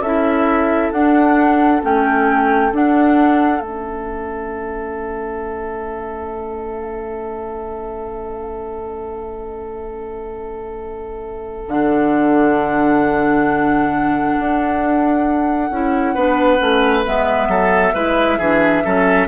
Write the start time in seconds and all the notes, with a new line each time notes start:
0.00 C#4 E4 A4 E5
0.92 D4 F#5
1.81 A3 C#4 G5
2.71 D4 F#5
3.61 A3 C#4 E5
11.68 D3 D4 F#5
14.39 D4
15.70 C#4 E4
16.14 B3 D4 B4
16.58 A3 C#4
17.05 G#3 B3 E5
17.47 F#3 A4
17.93 G#3 E4 B4
18.38 E3 D4 G#4
18.84 F#3 C#4 A4